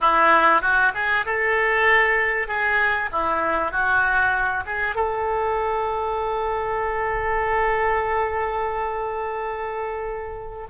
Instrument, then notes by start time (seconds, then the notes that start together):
oboe
0.00 E4
0.61 F#4
0.94 G#4
1.25 A4
2.47 G#4
3.12 E4
3.71 F#4
4.66 G#4
4.95 A4